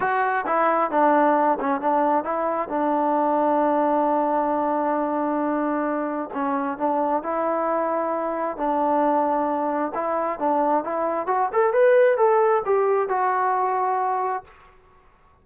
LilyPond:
\new Staff \with { instrumentName = "trombone" } { \time 4/4 \tempo 4 = 133 fis'4 e'4 d'4. cis'8 | d'4 e'4 d'2~ | d'1~ | d'2 cis'4 d'4 |
e'2. d'4~ | d'2 e'4 d'4 | e'4 fis'8 a'8 b'4 a'4 | g'4 fis'2. | }